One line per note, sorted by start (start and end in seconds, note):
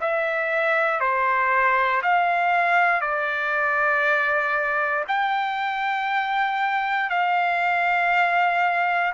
0.00 1.00 E5
1.00 2.02 C5
2.02 3.00 F5
3.00 5.04 D5
5.07 7.10 G5
7.10 9.13 F5